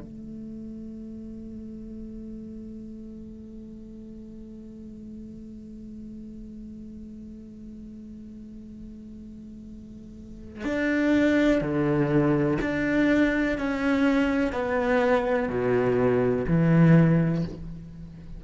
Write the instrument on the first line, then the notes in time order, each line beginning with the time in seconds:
cello
0.00 A3
10.65 D4
11.61 D3
12.61 D4
13.58 C#4
14.52 B3
15.49 B2
16.47 E3